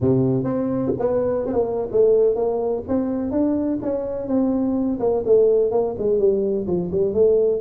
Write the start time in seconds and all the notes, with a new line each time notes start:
0.01 C3
0.44 C4
0.99 B3
1.45 C4
1.53 A#3
1.91 A3
2.35 A#3
2.87 C4
3.31 D4
3.82 C#4
4.27 C4
4.99 A#3
5.25 A3
5.71 A#3
5.98 G#3
6.18 G3
6.66 F3
6.91 G3
7.13 A3